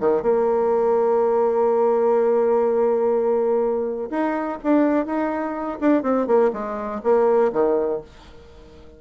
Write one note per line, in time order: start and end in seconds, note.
0.00 0.23 D#3
0.23 4.10 A#3
4.11 4.59 D#4
4.64 5.06 D4
5.06 5.79 D#4
5.81 6.03 D4
6.03 6.27 C4
6.27 6.51 A#3
6.53 7.02 G#3
7.04 7.52 A#3
7.53 8.01 D#3